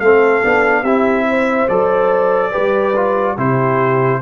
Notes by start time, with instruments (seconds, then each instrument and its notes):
0.00 tuba A3, trombone C4, horn A4, trumpet F5
0.42 tuba B3, trombone D4
0.83 tuba C4, trombone E4, horn G4, trumpet E5
1.30 horn C5
1.69 tuba F#3, trombone A4, trumpet D5
2.51 tuba G3, trombone G4, horn B4
2.96 trombone F4
3.36 tuba C3, trombone E4, horn G4, trumpet C5